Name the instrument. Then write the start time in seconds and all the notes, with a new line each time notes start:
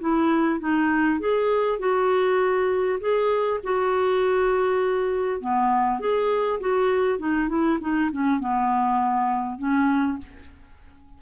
clarinet
0.00 E4
0.60 D#4
1.20 G#4
1.79 F#4
3.01 G#4
3.63 F#4
5.41 B3
6.00 G#4
6.60 F#4
7.19 D#4
7.48 E4
7.81 D#4
8.12 C#4
8.40 B3
9.58 C#4